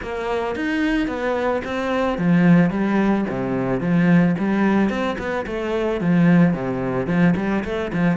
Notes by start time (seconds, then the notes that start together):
0.02 A#3
0.55 D#4
1.07 B3
1.64 C4
2.18 F3
2.70 G3
3.29 C3
3.80 F3
4.38 G3
4.89 C4
5.18 B3
5.46 A3
6.00 F3
6.53 C3
7.06 F3
7.36 G3
7.64 A3
7.92 F3